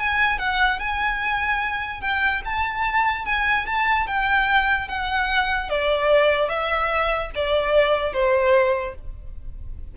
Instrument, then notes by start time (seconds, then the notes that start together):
violin
0.00 G#5
0.39 F#5
0.80 G#5
2.01 G5
2.45 A5
3.26 G#5
3.66 A5
4.07 G5
4.89 F#5
5.70 D5
6.49 E5
7.35 D5
8.13 C5